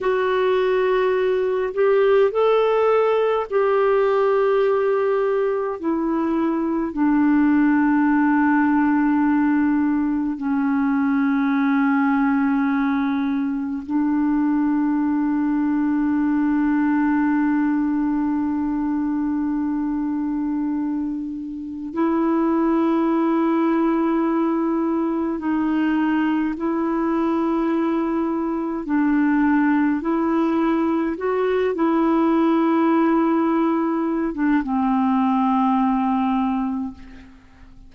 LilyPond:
\new Staff \with { instrumentName = "clarinet" } { \time 4/4 \tempo 4 = 52 fis'4. g'8 a'4 g'4~ | g'4 e'4 d'2~ | d'4 cis'2. | d'1~ |
d'2. e'4~ | e'2 dis'4 e'4~ | e'4 d'4 e'4 fis'8 e'8~ | e'4.~ e'16 d'16 c'2 | }